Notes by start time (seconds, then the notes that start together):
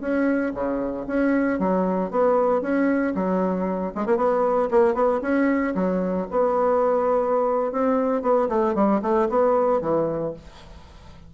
0.00 C#4
0.54 C#3
1.07 C#4
1.59 F#3
2.10 B3
2.61 C#4
3.14 F#3
3.94 G#3
4.06 A#3
4.16 B3
4.71 A#3
4.94 B3
5.22 C#4
5.75 F#3
6.31 B3
7.71 C4
8.22 B3
8.49 A3
8.74 G3
9.02 A3
9.29 B3
9.81 E3